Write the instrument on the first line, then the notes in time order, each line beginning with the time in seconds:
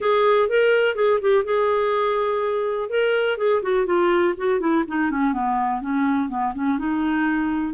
clarinet
0.00 G#4
0.49 A#4
0.95 G#4
1.21 G4
1.44 G#4
2.89 A#4
3.37 G#4
3.62 F#4
3.86 F4
4.37 F#4
4.60 E4
4.87 D#4
5.10 C#4
5.33 B3
5.81 C#4
6.29 B3
6.54 C#4
6.78 D#4